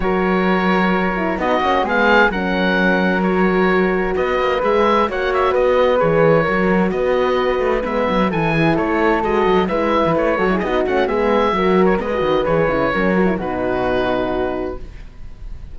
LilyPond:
<<
  \new Staff \with { instrumentName = "oboe" } { \time 4/4 \tempo 4 = 130 cis''2. dis''4 | f''4 fis''2 cis''4~ | cis''4 dis''4 e''4 fis''8 e''8 | dis''4 cis''2 dis''4~ |
dis''4 e''4 gis''4 cis''4 | dis''4 e''4 cis''4 dis''8 fis''8 | e''4.~ e''16 cis''16 dis''4 cis''4~ | cis''4 b'2. | }
  \new Staff \with { instrumentName = "flute" } { \time 4/4 ais'2. fis'4 | gis'4 ais'2.~ | ais'4 b'2 cis''4 | b'2 ais'4 b'4~ |
b'2 a'8 gis'8 a'4~ | a'4 b'4. a'16 gis'16 fis'4 | gis'4 ais'4 b'2 | ais'4 fis'2. | }
  \new Staff \with { instrumentName = "horn" } { \time 4/4 fis'2~ fis'8 e'8 dis'8 cis'8 | b4 cis'2 fis'4~ | fis'2 gis'4 fis'4~ | fis'4 gis'4 fis'2~ |
fis'4 b4 e'2 | fis'4 e'4. fis'16 e'16 dis'8 cis'8 | b4 fis'4 b16 fis'8. gis'8 e'8 | cis'8 fis'16 e'16 dis'2. | }
  \new Staff \with { instrumentName = "cello" } { \time 4/4 fis2. b8 ais8 | gis4 fis2.~ | fis4 b8 ais8 gis4 ais4 | b4 e4 fis4 b4~ |
b8 a8 gis8 fis8 e4 a4 | gis8 fis8 gis8. e16 a8 fis8 b8 a8 | gis4 fis4 gis8 dis8 e8 cis8 | fis4 b,2. | }
>>